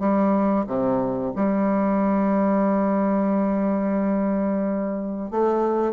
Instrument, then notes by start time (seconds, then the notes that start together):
bassoon
0.00 G3
0.67 C3
1.36 G3
5.31 A3